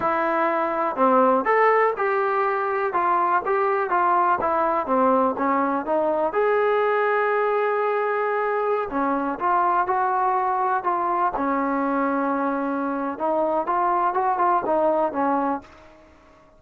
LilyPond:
\new Staff \with { instrumentName = "trombone" } { \time 4/4 \tempo 4 = 123 e'2 c'4 a'4 | g'2 f'4 g'4 | f'4 e'4 c'4 cis'4 | dis'4 gis'2.~ |
gis'2~ gis'16 cis'4 f'8.~ | f'16 fis'2 f'4 cis'8.~ | cis'2. dis'4 | f'4 fis'8 f'8 dis'4 cis'4 | }